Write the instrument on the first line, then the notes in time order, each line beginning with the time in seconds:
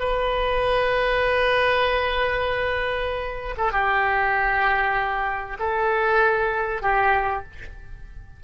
oboe
0.00 B4
3.58 A4
3.73 G4
5.60 A4
6.82 G4